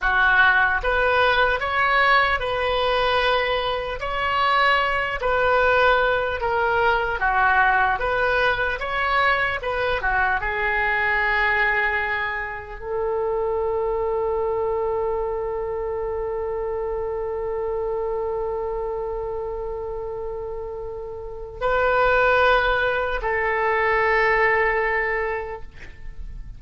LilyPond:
\new Staff \with { instrumentName = "oboe" } { \time 4/4 \tempo 4 = 75 fis'4 b'4 cis''4 b'4~ | b'4 cis''4. b'4. | ais'4 fis'4 b'4 cis''4 | b'8 fis'8 gis'2. |
a'1~ | a'1~ | a'2. b'4~ | b'4 a'2. | }